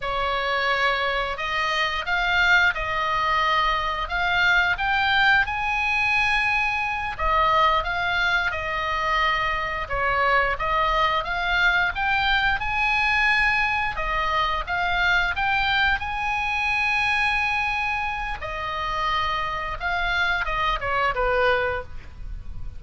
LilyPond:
\new Staff \with { instrumentName = "oboe" } { \time 4/4 \tempo 4 = 88 cis''2 dis''4 f''4 | dis''2 f''4 g''4 | gis''2~ gis''8 dis''4 f''8~ | f''8 dis''2 cis''4 dis''8~ |
dis''8 f''4 g''4 gis''4.~ | gis''8 dis''4 f''4 g''4 gis''8~ | gis''2. dis''4~ | dis''4 f''4 dis''8 cis''8 b'4 | }